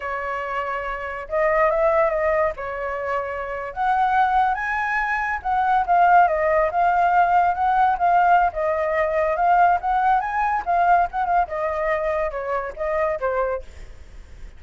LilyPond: \new Staff \with { instrumentName = "flute" } { \time 4/4 \tempo 4 = 141 cis''2. dis''4 | e''4 dis''4 cis''2~ | cis''8. fis''2 gis''4~ gis''16~ | gis''8. fis''4 f''4 dis''4 f''16~ |
f''4.~ f''16 fis''4 f''4~ f''16 | dis''2 f''4 fis''4 | gis''4 f''4 fis''8 f''8 dis''4~ | dis''4 cis''4 dis''4 c''4 | }